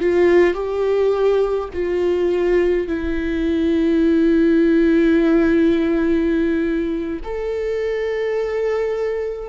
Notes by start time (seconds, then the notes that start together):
0.00 F4
0.53 G4
1.73 F4
2.87 E4
7.24 A4